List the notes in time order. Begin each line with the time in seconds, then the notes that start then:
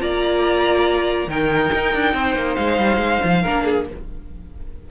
0.00 A#3 F4 D5 A#5
1.27 D#3 D#4 A#4 G5
1.74 D#4
1.95 D4
2.14 C4 C5
2.35 A#3
2.55 G#3 F5
2.79 G3
2.97 G#3
3.24 F3
3.43 A#3 D4 A#4
3.65 G#4